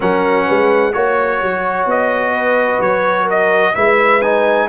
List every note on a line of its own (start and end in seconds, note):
0.00 0.48 F#3
0.00 0.92 C#4
0.00 0.45 A#4
0.00 0.92 F#5
0.45 0.95 G#3
0.45 0.92 B4
0.92 1.41 A#3
0.92 3.74 F#4
0.92 1.86 C#5
0.92 2.34 C#5
1.42 1.85 F#3
1.85 2.79 B3
1.85 2.81 D#5
2.34 3.23 B4
2.80 3.74 F#3
2.80 3.28 C#5
3.23 3.70 A#4
3.29 3.75 D#5
3.74 4.68 G#3
3.74 4.21 E4
3.74 4.68 B4
3.74 4.21 E5
4.21 4.68 D#4
4.21 4.68 G#5